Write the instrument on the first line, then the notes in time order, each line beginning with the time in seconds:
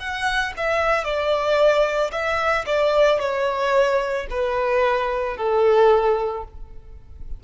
violin
0.00 F#5
0.57 E5
1.04 D5
2.12 E5
2.66 D5
3.20 C#5
4.31 B4
5.37 A4